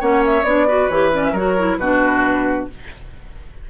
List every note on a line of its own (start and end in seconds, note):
0.00 0.43 A#3
0.00 0.45 C#4
0.00 0.67 C#5
0.00 0.24 F#5
0.25 0.44 E5
0.43 0.88 B3
0.43 0.68 D4
0.43 0.88 D5
0.67 0.90 F#4
0.67 1.32 B4
0.88 1.32 E3
0.88 1.12 G4
0.88 1.11 C#5
1.12 1.34 C#4
1.12 1.24 D5
1.24 1.35 E5
1.32 1.77 F#3
1.32 1.58 F#4
1.32 1.77 A#4
1.32 1.78 C#5
1.58 1.80 E4
1.78 2.67 B2
1.78 2.70 D4
1.78 2.69 F#4
1.78 2.67 B4